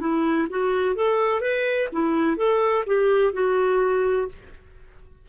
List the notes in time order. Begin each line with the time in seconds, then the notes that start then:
0.00 E4
0.50 F#4
0.95 A4
1.41 B4
1.93 E4
2.37 A4
2.87 G4
3.33 F#4